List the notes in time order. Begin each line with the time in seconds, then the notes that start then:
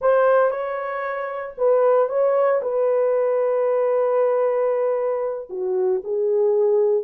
0.01 C5
0.50 C#5
1.57 B4
2.08 C#5
2.62 B4
5.49 F#4
6.04 G#4